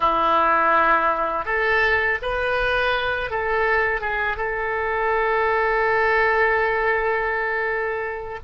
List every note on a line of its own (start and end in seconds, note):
0.00 1.45 E4
1.45 2.18 A4
2.22 3.30 B4
3.30 4.00 A4
4.00 4.36 G#4
4.36 8.39 A4